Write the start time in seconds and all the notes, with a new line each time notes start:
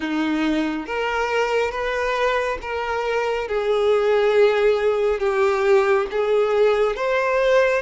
0.00 D#4
0.86 A#4
1.71 B4
2.61 A#4
3.47 G#4
5.19 G4
6.11 G#4
6.96 C5